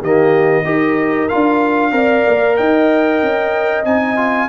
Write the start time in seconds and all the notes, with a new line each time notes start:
0.00 D#3 A#3 G4 D#5
0.64 D#4 G4 A#4
1.28 D4 F4 F5
1.91 C4 A#4 D5
2.27 A#3
2.56 D#4 D#5 G5
3.22 C#4
3.84 C4 D#4 G#5
4.16 F4